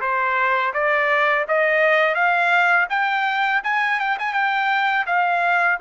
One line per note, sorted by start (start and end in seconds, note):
0.00 0.72 C5
0.73 1.45 D5
1.48 2.14 D#5
2.14 2.87 F5
2.89 3.61 G5
3.63 3.99 G#5
3.99 4.17 G5
4.18 4.33 G#5
4.33 5.05 G5
5.06 5.79 F5